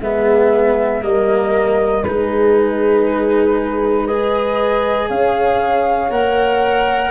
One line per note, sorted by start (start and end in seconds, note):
0.00 1.02 G#3
0.00 1.02 B3
0.00 1.03 G#4
0.00 1.03 E5
1.02 2.03 G3
1.02 2.04 A#3
1.02 2.03 A#4
1.02 2.03 D#5
2.03 5.10 G#3
2.03 4.08 D#4
2.03 4.06 G#4
2.03 4.06 B4
4.06 6.11 G#4
4.06 5.07 B4
4.06 5.08 D#5
5.08 6.10 C#4
5.08 7.11 C#5
5.08 6.11 F5
6.10 7.11 A#3
6.10 7.11 A#4
6.10 7.11 F#5